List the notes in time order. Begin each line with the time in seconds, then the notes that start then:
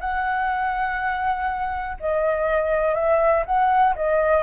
0.00 F#5
2.00 D#5
2.94 E5
3.45 F#5
3.95 D#5